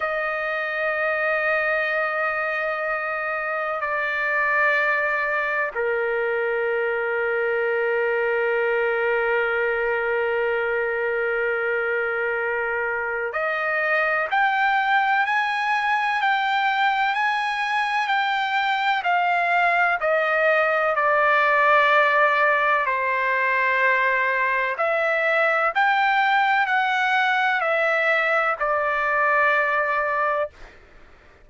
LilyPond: \new Staff \with { instrumentName = "trumpet" } { \time 4/4 \tempo 4 = 63 dis''1 | d''2 ais'2~ | ais'1~ | ais'2 dis''4 g''4 |
gis''4 g''4 gis''4 g''4 | f''4 dis''4 d''2 | c''2 e''4 g''4 | fis''4 e''4 d''2 | }